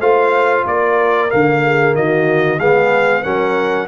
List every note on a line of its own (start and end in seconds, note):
0.00 0.65 A3
0.00 1.30 F4
0.00 0.66 C5
0.00 0.65 F5
0.66 1.31 A#3
0.66 1.63 A#4
0.66 1.31 D5
1.30 1.94 D3
1.30 2.59 A#3
1.30 1.95 F5
1.64 1.97 G#4
1.94 2.59 D#3
1.94 2.58 F#4
1.94 2.60 D#5
2.58 3.24 G#3
2.58 3.24 B3
2.58 3.22 G#4
2.58 3.23 F5
3.22 3.88 F#3
3.22 3.88 C#4
3.22 3.87 A#4
3.22 3.88 F#5